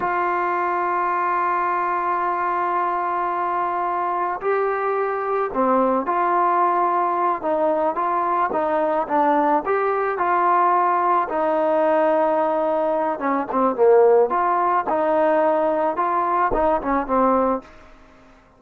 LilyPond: \new Staff \with { instrumentName = "trombone" } { \time 4/4 \tempo 4 = 109 f'1~ | f'1 | g'2 c'4 f'4~ | f'4. dis'4 f'4 dis'8~ |
dis'8 d'4 g'4 f'4.~ | f'8 dis'2.~ dis'8 | cis'8 c'8 ais4 f'4 dis'4~ | dis'4 f'4 dis'8 cis'8 c'4 | }